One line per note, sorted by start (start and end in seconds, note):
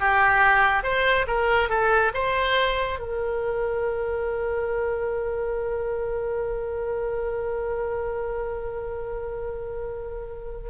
0.00 0.83 G4
0.83 1.26 C5
1.27 1.69 A#4
1.69 2.12 A4
2.14 2.99 C5
2.99 10.70 A#4